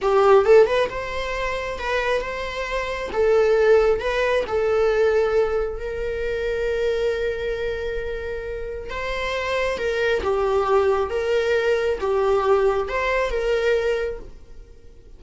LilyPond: \new Staff \with { instrumentName = "viola" } { \time 4/4 \tempo 4 = 135 g'4 a'8 b'8 c''2 | b'4 c''2 a'4~ | a'4 b'4 a'2~ | a'4 ais'2.~ |
ais'1 | c''2 ais'4 g'4~ | g'4 ais'2 g'4~ | g'4 c''4 ais'2 | }